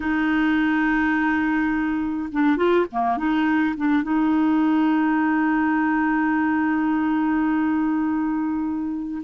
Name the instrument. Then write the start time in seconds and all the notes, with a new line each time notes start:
clarinet
0.00 D#4
2.32 D4
2.56 F4
2.92 A#3
3.17 D#4
3.77 D4
4.02 D#4